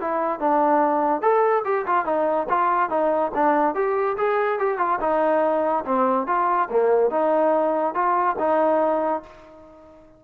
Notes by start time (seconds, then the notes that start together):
0.00 E4
0.39 D4
1.21 A4
1.64 G4
1.86 F4
2.05 D#4
2.49 F4
2.90 D#4
3.34 D4
3.75 G4
4.17 G#4
4.59 G4
4.78 F4
5.00 D#4
5.85 C4
6.26 F4
6.70 A#3
7.10 D#4
7.94 F4
8.39 D#4